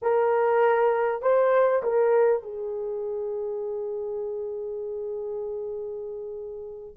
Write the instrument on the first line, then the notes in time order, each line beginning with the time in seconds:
horn
0.02 A#4
1.21 C5
1.82 A#4
2.42 G#4